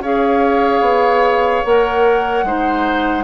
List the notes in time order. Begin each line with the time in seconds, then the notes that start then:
0.00 C#4 G#4 C#5 F5
0.81 B3
1.64 A#3 A#4 F#5
2.44 G#3 D#4 C5